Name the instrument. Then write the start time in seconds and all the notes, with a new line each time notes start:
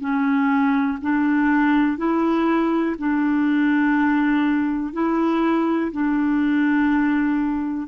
clarinet
0.00 C#4
1.01 D4
1.98 E4
2.98 D4
4.93 E4
5.92 D4